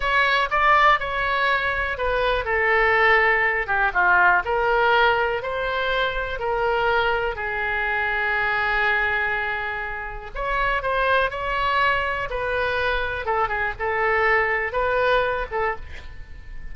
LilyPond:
\new Staff \with { instrumentName = "oboe" } { \time 4/4 \tempo 4 = 122 cis''4 d''4 cis''2 | b'4 a'2~ a'8 g'8 | f'4 ais'2 c''4~ | c''4 ais'2 gis'4~ |
gis'1~ | gis'4 cis''4 c''4 cis''4~ | cis''4 b'2 a'8 gis'8 | a'2 b'4. a'8 | }